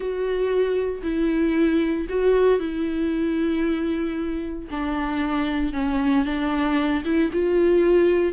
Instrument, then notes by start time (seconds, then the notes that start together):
viola
0.00 F#4
1.02 E4
2.09 F#4
2.59 E4
4.71 D4
5.73 C#4
6.25 D4
7.04 E4
7.33 F4